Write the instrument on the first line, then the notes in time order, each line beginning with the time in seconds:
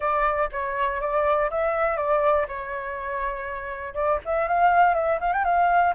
flute
0.00 D5
0.51 C#5
1.00 D5
1.50 E5
1.97 D5
2.48 C#5
3.94 D5
4.25 E5
4.47 F5
4.94 E5
5.20 F5
5.32 G5
5.44 F5